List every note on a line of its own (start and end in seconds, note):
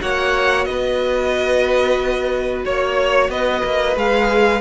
0.00 0.67 A#3
0.00 3.96 F#4
0.00 0.69 C#5
0.00 0.65 F#5
0.65 2.65 B3
0.65 2.66 B4
0.65 2.63 D#5
2.66 3.29 A#3
2.66 3.31 C#5
3.29 3.62 B3
3.29 4.62 B4
3.29 3.97 D#5
3.65 3.96 A#3
3.96 4.62 G#3
3.96 4.62 G#4
3.96 4.62 F5